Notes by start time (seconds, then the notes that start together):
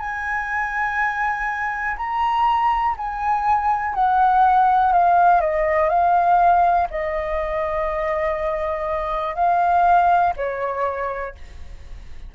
0.00 G#5
1.98 A#5
2.98 G#5
3.95 F#5
4.93 F5
5.41 D#5
5.90 F5
6.91 D#5
9.36 F5
10.37 C#5